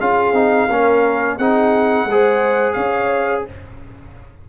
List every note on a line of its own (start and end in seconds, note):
0.00 0.33 C#4
0.00 0.34 F4
0.00 0.69 G#4
0.00 1.38 F5
0.33 0.67 C4
0.33 0.68 D#4
0.69 1.38 A#3
0.69 1.40 C#4
0.69 1.38 A#4
1.38 2.05 C4
1.38 2.09 D#4
1.38 2.07 G#4
1.38 2.73 F#5
2.05 2.74 G#3
2.11 3.49 G#4
2.11 2.75 C5
2.73 3.45 C#4
2.73 3.44 C#5
2.73 3.42 F5